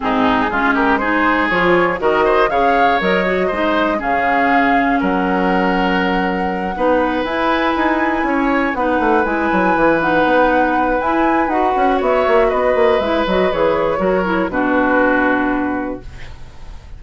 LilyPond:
<<
  \new Staff \with { instrumentName = "flute" } { \time 4/4 \tempo 4 = 120 gis'4. ais'8 c''4 cis''4 | dis''4 f''4 dis''2 | f''2 fis''2~ | fis''2~ fis''8 gis''4.~ |
gis''4. fis''4 gis''4. | fis''2 gis''4 fis''4 | e''4 dis''4 e''8 dis''8 cis''4~ | cis''4 b'2. | }
  \new Staff \with { instrumentName = "oboe" } { \time 4/4 dis'4 f'8 g'8 gis'2 | ais'8 c''8 cis''2 c''4 | gis'2 ais'2~ | ais'4. b'2~ b'8~ |
b'8 cis''4 b'2~ b'8~ | b'1 | cis''4 b'2. | ais'4 fis'2. | }
  \new Staff \with { instrumentName = "clarinet" } { \time 4/4 c'4 cis'4 dis'4 f'4 | fis'4 gis'4 ais'8 fis'8 dis'4 | cis'1~ | cis'4. dis'4 e'4.~ |
e'4. dis'4 e'4. | dis'2 e'4 fis'4~ | fis'2 e'8 fis'8 gis'4 | fis'8 e'8 d'2. | }
  \new Staff \with { instrumentName = "bassoon" } { \time 4/4 gis,4 gis2 f4 | dis4 cis4 fis4 gis4 | cis2 fis2~ | fis4. b4 e'4 dis'8~ |
dis'8 cis'4 b8 a8 gis8 fis8 e8~ | e8 b4. e'4 dis'8 cis'8 | b8 ais8 b8 ais8 gis8 fis8 e4 | fis4 b,2. | }
>>